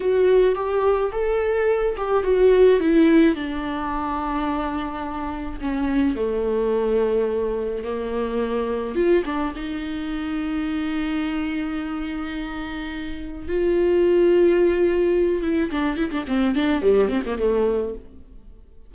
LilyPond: \new Staff \with { instrumentName = "viola" } { \time 4/4 \tempo 4 = 107 fis'4 g'4 a'4. g'8 | fis'4 e'4 d'2~ | d'2 cis'4 a4~ | a2 ais2 |
f'8 d'8 dis'2.~ | dis'1 | f'2.~ f'8 e'8 | d'8 e'16 d'16 c'8 d'8 g8 c'16 ais16 a4 | }